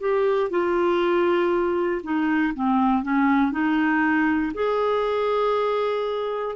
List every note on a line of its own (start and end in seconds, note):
0.00 0.50 G4
0.50 2.02 F4
2.03 2.53 D#4
2.54 3.03 C4
3.03 3.52 C#4
3.52 4.52 D#4
4.54 6.55 G#4